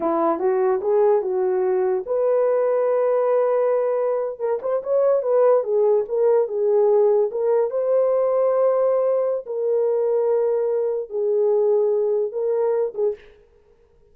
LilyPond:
\new Staff \with { instrumentName = "horn" } { \time 4/4 \tempo 4 = 146 e'4 fis'4 gis'4 fis'4~ | fis'4 b'2.~ | b'2~ b'8. ais'8 c''8 cis''16~ | cis''8. b'4 gis'4 ais'4 gis'16~ |
gis'4.~ gis'16 ais'4 c''4~ c''16~ | c''2. ais'4~ | ais'2. gis'4~ | gis'2 ais'4. gis'8 | }